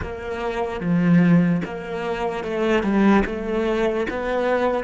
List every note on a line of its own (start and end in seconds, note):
0.01 0.80 A#3
0.80 1.61 F3
1.64 2.44 A#3
2.44 2.83 A3
2.83 3.23 G3
3.25 4.06 A3
4.09 4.84 B3